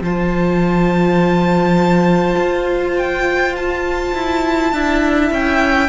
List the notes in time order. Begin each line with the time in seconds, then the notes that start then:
0.00 F3 F4 C5 A5
2.36 F4
2.96 G5
3.55 A5
4.14 E4
4.72 D4 E4 E5
5.31 C#4 G5